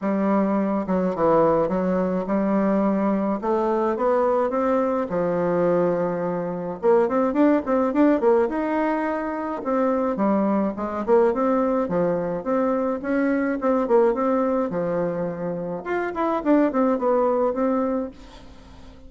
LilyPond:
\new Staff \with { instrumentName = "bassoon" } { \time 4/4 \tempo 4 = 106 g4. fis8 e4 fis4 | g2 a4 b4 | c'4 f2. | ais8 c'8 d'8 c'8 d'8 ais8 dis'4~ |
dis'4 c'4 g4 gis8 ais8 | c'4 f4 c'4 cis'4 | c'8 ais8 c'4 f2 | f'8 e'8 d'8 c'8 b4 c'4 | }